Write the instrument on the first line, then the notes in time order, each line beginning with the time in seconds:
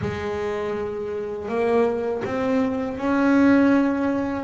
double bass
0.01 G#3
1.48 A#3
2.24 C4
2.97 C#4